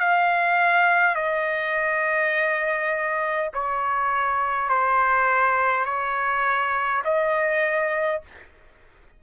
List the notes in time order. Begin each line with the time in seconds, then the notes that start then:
0.00 F5
1.16 D#5
3.54 C#5
4.70 C5
5.86 C#5
7.05 D#5